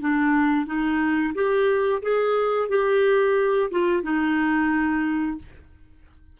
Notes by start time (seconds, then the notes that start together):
0.00 D4
0.66 D#4
1.34 G4
2.02 G#4
2.69 G4
3.71 F4
4.03 D#4